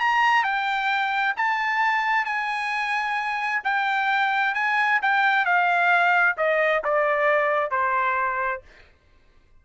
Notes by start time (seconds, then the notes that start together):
0.00 A#5
0.43 G5
1.36 A5
2.25 G#5
3.64 G5
4.54 G#5
5.02 G5
5.45 F5
6.37 D#5
6.84 D5
7.71 C5